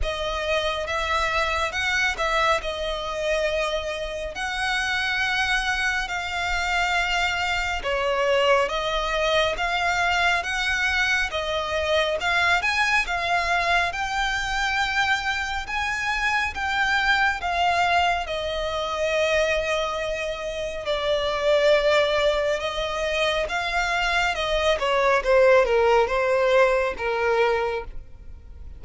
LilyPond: \new Staff \with { instrumentName = "violin" } { \time 4/4 \tempo 4 = 69 dis''4 e''4 fis''8 e''8 dis''4~ | dis''4 fis''2 f''4~ | f''4 cis''4 dis''4 f''4 | fis''4 dis''4 f''8 gis''8 f''4 |
g''2 gis''4 g''4 | f''4 dis''2. | d''2 dis''4 f''4 | dis''8 cis''8 c''8 ais'8 c''4 ais'4 | }